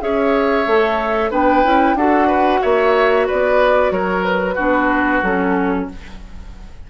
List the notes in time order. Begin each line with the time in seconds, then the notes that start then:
0.00 C#4 G#4 C#5 E5
0.66 A3 A4
1.30 B3 D4 B4 G5
1.64 C#4 E4
1.94 D4 F#4 A4 F#5
2.27 B4
2.62 A#3 C#5 E5
3.26 B3 B4 D5
3.91 F#3 A#4 C#5
4.24 B4
4.54 B3 D4 F#4
5.22 F#3 C#4 A4